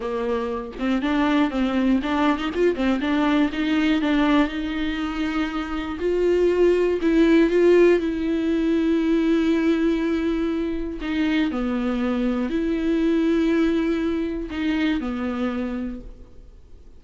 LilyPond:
\new Staff \with { instrumentName = "viola" } { \time 4/4 \tempo 4 = 120 ais4. c'8 d'4 c'4 | d'8. dis'16 f'8 c'8 d'4 dis'4 | d'4 dis'2. | f'2 e'4 f'4 |
e'1~ | e'2 dis'4 b4~ | b4 e'2.~ | e'4 dis'4 b2 | }